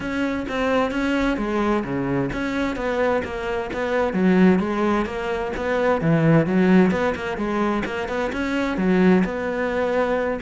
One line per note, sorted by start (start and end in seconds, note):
0.00 0.46 C#4
0.48 0.91 C4
0.91 1.37 C#4
1.37 1.83 G#3
1.84 2.30 C#3
2.32 2.75 C#4
2.75 3.22 B3
3.24 3.70 A#3
3.73 4.13 B3
4.13 4.59 F#3
4.59 5.05 G#3
5.05 5.51 A#3
5.56 6.01 B3
6.01 6.46 E3
6.46 6.91 F#3
6.91 7.14 B3
7.15 7.37 A#3
7.37 7.83 G#3
7.85 8.08 A#3
8.08 8.31 B3
8.32 8.77 C#4
8.77 9.23 F#3
9.24 10.40 B3